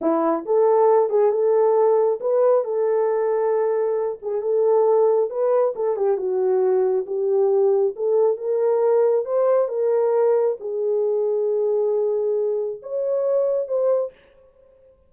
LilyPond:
\new Staff \with { instrumentName = "horn" } { \time 4/4 \tempo 4 = 136 e'4 a'4. gis'8 a'4~ | a'4 b'4 a'2~ | a'4. gis'8 a'2 | b'4 a'8 g'8 fis'2 |
g'2 a'4 ais'4~ | ais'4 c''4 ais'2 | gis'1~ | gis'4 cis''2 c''4 | }